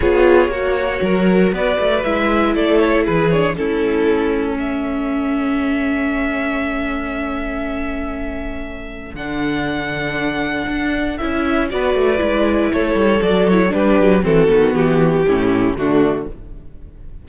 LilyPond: <<
  \new Staff \with { instrumentName = "violin" } { \time 4/4 \tempo 4 = 118 cis''2. d''4 | e''4 d''8 cis''8 b'8 cis''8 a'4~ | a'4 e''2.~ | e''1~ |
e''2 fis''2~ | fis''2 e''4 d''4~ | d''4 cis''4 d''8 cis''8 b'4 | a'4 g'2 fis'4 | }
  \new Staff \with { instrumentName = "violin" } { \time 4/4 gis'4 fis'4 ais'4 b'4~ | b'4 a'4 gis'4 e'4~ | e'4 a'2.~ | a'1~ |
a'1~ | a'2. b'4~ | b'4 a'2 g'4 | fis'2 e'4 d'4 | }
  \new Staff \with { instrumentName = "viola" } { \time 4/4 f'4 fis'2. | e'2~ e'8 d'8 cis'4~ | cis'1~ | cis'1~ |
cis'2 d'2~ | d'2 e'4 fis'4 | e'2 fis'8 e'8 d'4 | c'8 b4. cis'4 a4 | }
  \new Staff \with { instrumentName = "cello" } { \time 4/4 b4 ais4 fis4 b8 a8 | gis4 a4 e4 a4~ | a1~ | a1~ |
a2 d2~ | d4 d'4 cis'4 b8 a8 | gis4 a8 g8 fis4 g8 fis8 | e8 dis8 e4 a,4 d4 | }
>>